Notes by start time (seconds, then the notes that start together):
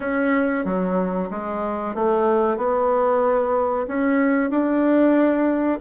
0.00 C#4
0.65 F#3
1.30 G#3
1.94 A3
2.57 B3
3.87 C#4
4.50 D4